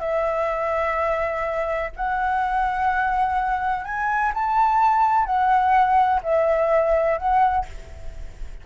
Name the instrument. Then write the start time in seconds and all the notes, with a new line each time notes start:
flute
0.00 E5
1.96 F#5
3.85 G#5
4.34 A5
5.26 F#5
6.23 E5
7.18 F#5